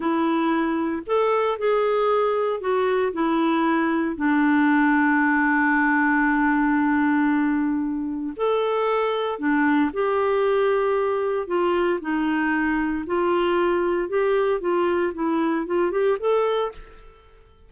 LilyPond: \new Staff \with { instrumentName = "clarinet" } { \time 4/4 \tempo 4 = 115 e'2 a'4 gis'4~ | gis'4 fis'4 e'2 | d'1~ | d'1 |
a'2 d'4 g'4~ | g'2 f'4 dis'4~ | dis'4 f'2 g'4 | f'4 e'4 f'8 g'8 a'4 | }